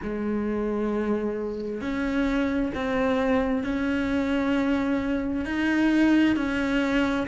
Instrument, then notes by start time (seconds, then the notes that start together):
cello
0.02 G#3
1.81 C#4
2.74 C4
3.63 C#4
5.45 D#4
6.36 C#4